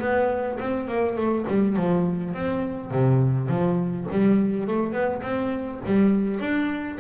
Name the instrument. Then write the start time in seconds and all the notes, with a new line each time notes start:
double bass
0.00 B3
0.60 C4
0.88 A#3
1.17 A3
1.48 G3
1.76 F3
2.34 C4
2.91 C3
3.49 F3
4.12 G3
4.67 A3
4.92 B3
5.22 C4
5.86 G3
6.40 D4